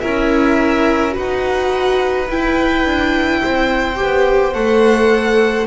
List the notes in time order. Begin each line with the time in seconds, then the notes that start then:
0.00 C#4 E4 A#4 E5
1.12 D#4 F#4 B4 F#5
2.29 E4 G5
2.85 D4
3.42 C4 C5
3.95 G4
4.02 B3
4.54 A3 A4 F#5